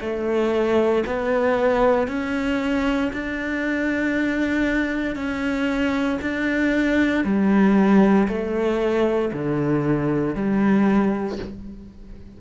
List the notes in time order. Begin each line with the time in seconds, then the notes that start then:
0.00 A3
1.06 B3
2.07 C#4
3.13 D4
5.15 C#4
6.21 D4
7.24 G3
8.28 A3
9.32 D3
10.35 G3